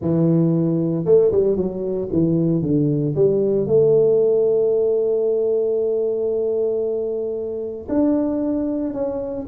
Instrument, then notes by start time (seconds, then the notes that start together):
tuba
0.01 E3
1.05 A3
1.31 G3
1.56 F#3
2.12 E3
2.62 D3
3.15 G3
3.66 A3
7.89 D4
8.93 C#4